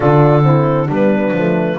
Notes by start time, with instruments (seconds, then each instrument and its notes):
0.00 double bass D3, horn D4, saxophone F4, clarinet A4
0.42 horn C4, saxophone E4
0.86 double bass G3, horn B3, saxophone D4, clarinet B4
1.31 double bass F3, horn A3